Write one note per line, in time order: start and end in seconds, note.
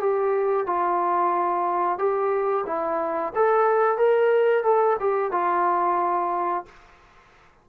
0.00 0.67 G4
0.67 1.98 F4
1.98 2.65 G4
2.67 3.33 E4
3.35 3.98 A4
3.98 4.64 A#4
4.64 4.97 A4
5.00 5.32 G4
5.32 6.65 F4